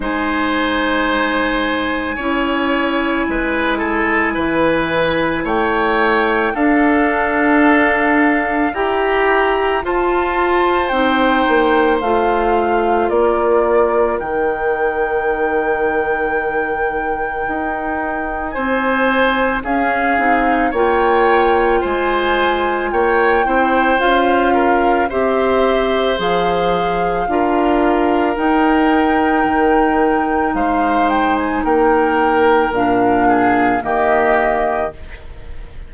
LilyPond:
<<
  \new Staff \with { instrumentName = "flute" } { \time 4/4 \tempo 4 = 55 gis''1~ | gis''4 g''4 f''2 | ais''4 a''4 g''4 f''4 | d''4 g''2.~ |
g''4 gis''4 f''4 g''4 | gis''4 g''4 f''4 e''4 | f''2 g''2 | f''8 g''16 gis''16 g''4 f''4 dis''4 | }
  \new Staff \with { instrumentName = "oboe" } { \time 4/4 c''2 cis''4 b'8 a'8 | b'4 cis''4 a'2 | g'4 c''2. | ais'1~ |
ais'4 c''4 gis'4 cis''4 | c''4 cis''8 c''4 ais'8 c''4~ | c''4 ais'2. | c''4 ais'4. gis'8 g'4 | }
  \new Staff \with { instrumentName = "clarinet" } { \time 4/4 dis'2 e'2~ | e'2 d'2 | g'4 f'4 dis'4 f'4~ | f'4 dis'2.~ |
dis'2 cis'8 dis'8 f'4~ | f'4. e'8 f'4 g'4 | gis'4 f'4 dis'2~ | dis'2 d'4 ais4 | }
  \new Staff \with { instrumentName = "bassoon" } { \time 4/4 gis2 cis'4 gis4 | e4 a4 d'2 | e'4 f'4 c'8 ais8 a4 | ais4 dis2. |
dis'4 c'4 cis'8 c'8 ais4 | gis4 ais8 c'8 cis'4 c'4 | f4 d'4 dis'4 dis4 | gis4 ais4 ais,4 dis4 | }
>>